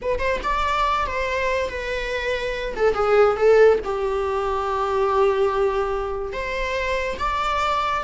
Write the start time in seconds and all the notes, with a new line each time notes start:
0.02 B4
0.18 C5
0.43 D5
1.06 C5
1.69 B4
2.75 A4
2.94 G#4
3.36 A4
3.84 G4
6.33 C5
7.19 D5